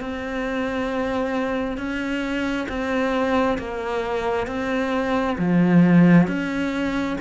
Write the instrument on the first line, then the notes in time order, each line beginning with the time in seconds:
cello
0.00 C4
1.77 C#4
2.68 C4
3.58 A#3
4.47 C4
5.38 F3
6.27 C#4